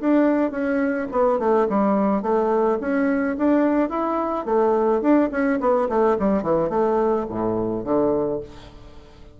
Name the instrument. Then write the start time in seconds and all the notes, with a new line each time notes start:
bassoon
0.00 D4
0.51 C#4
1.11 B3
1.39 A3
1.69 G3
2.22 A3
2.80 C#4
3.38 D4
3.89 E4
4.45 A3
5.01 D4
5.31 C#4
5.60 B3
5.89 A3
6.19 G3
6.43 E3
6.69 A3
7.29 A2
7.84 D3